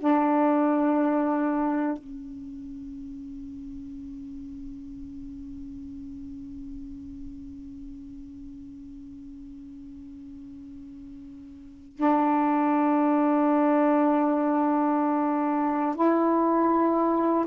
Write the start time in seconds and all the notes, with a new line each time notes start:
0.00 D4
1.98 C#4
11.97 D4
15.96 E4